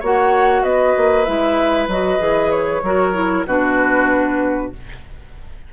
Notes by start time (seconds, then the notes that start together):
0.00 A#3 F#4 C#5 F#5
0.63 B3 B4 D#5
0.97 A#3
1.25 G#3 E4 E5
1.88 F#3 F#4 D#5
2.19 E3 G#4
2.52 C#5
2.83 F#3 F#4 A#4
3.14 E4
3.46 B2 D4 F#4 B4